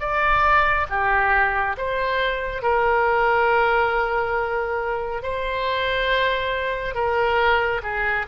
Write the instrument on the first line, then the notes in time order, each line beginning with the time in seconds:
oboe
0.00 D5
0.90 G4
1.77 C5
2.63 A#4
5.23 C5
6.95 A#4
7.83 G#4